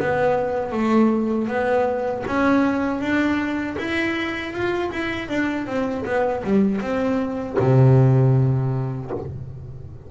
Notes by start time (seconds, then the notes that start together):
0.00 B3
0.72 A3
1.48 B3
2.27 C#4
3.01 D4
3.78 E4
4.53 F4
4.92 E4
5.29 D4
5.67 C4
6.05 B3
6.44 G3
6.81 C4
7.59 C3